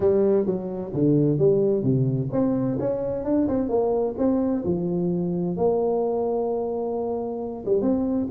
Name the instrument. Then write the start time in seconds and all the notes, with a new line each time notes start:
tuba
0.00 G3
0.46 F#3
0.93 D3
1.38 G3
1.83 C3
2.32 C4
2.79 C#4
3.24 D4
3.47 C4
3.68 A#3
4.18 C4
4.64 F3
5.56 A#3
7.65 G3
7.81 C4